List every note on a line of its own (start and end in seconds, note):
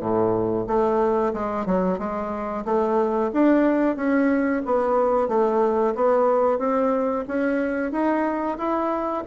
0.00 0.66 A2
0.67 1.33 A3
1.34 1.66 G#3
1.66 1.99 F#3
1.99 2.65 G#3
2.65 3.31 A3
3.33 3.97 D4
3.97 4.62 C#4
4.66 5.28 B3
5.28 5.94 A3
5.95 6.59 B3
6.59 7.25 C4
7.28 7.92 C#4
7.92 8.58 D#4
8.58 9.24 E4